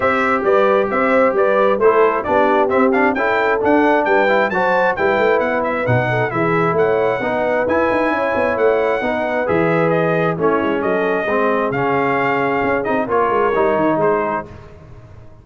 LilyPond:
<<
  \new Staff \with { instrumentName = "trumpet" } { \time 4/4 \tempo 4 = 133 e''4 d''4 e''4 d''4 | c''4 d''4 e''8 f''8 g''4 | fis''4 g''4 a''4 g''4 | fis''8 e''8 fis''4 e''4 fis''4~ |
fis''4 gis''2 fis''4~ | fis''4 e''4 dis''4 cis''4 | dis''2 f''2~ | f''8 dis''8 cis''2 c''4 | }
  \new Staff \with { instrumentName = "horn" } { \time 4/4 c''4 b'4 c''4 b'4 | a'4 g'2 a'4~ | a'4 b'4 c''4 b'4~ | b'4. a'8 gis'4 cis''4 |
b'2 cis''2 | b'2. e'4 | a'4 gis'2.~ | gis'4 ais'2 gis'4 | }
  \new Staff \with { instrumentName = "trombone" } { \time 4/4 g'1 | e'4 d'4 c'8 d'8 e'4 | d'4. e'8 fis'4 e'4~ | e'4 dis'4 e'2 |
dis'4 e'2. | dis'4 gis'2 cis'4~ | cis'4 c'4 cis'2~ | cis'8 dis'8 f'4 dis'2 | }
  \new Staff \with { instrumentName = "tuba" } { \time 4/4 c'4 g4 c'4 g4 | a4 b4 c'4 cis'4 | d'4 g4 fis4 g8 a8 | b4 b,4 e4 a4 |
b4 e'8 dis'8 cis'8 b8 a4 | b4 e2 a8 gis8 | fis4 gis4 cis2 | cis'8 c'8 ais8 gis8 g8 dis8 gis4 | }
>>